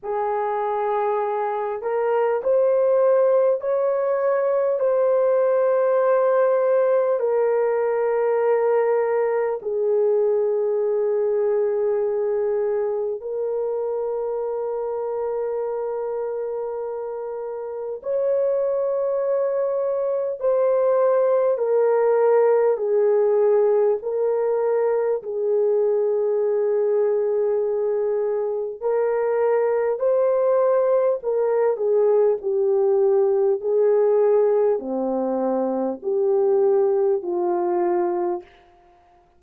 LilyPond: \new Staff \with { instrumentName = "horn" } { \time 4/4 \tempo 4 = 50 gis'4. ais'8 c''4 cis''4 | c''2 ais'2 | gis'2. ais'4~ | ais'2. cis''4~ |
cis''4 c''4 ais'4 gis'4 | ais'4 gis'2. | ais'4 c''4 ais'8 gis'8 g'4 | gis'4 c'4 g'4 f'4 | }